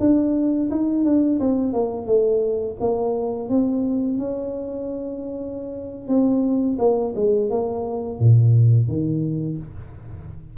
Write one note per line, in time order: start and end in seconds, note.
0.00 0.70 D4
0.70 1.05 D#4
1.05 1.40 D4
1.40 1.73 C4
1.73 2.06 A#3
2.06 2.76 A3
2.80 3.49 A#3
3.49 4.18 C4
4.18 6.08 C#4
6.08 6.77 C4
6.79 7.14 A#3
7.15 7.50 G#3
7.50 8.19 A#3
8.19 8.88 A#2
8.88 9.57 D#3